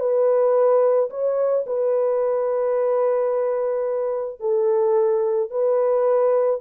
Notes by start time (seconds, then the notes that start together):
0.00 B4
1.10 C#5
1.67 B4
4.41 A4
5.51 B4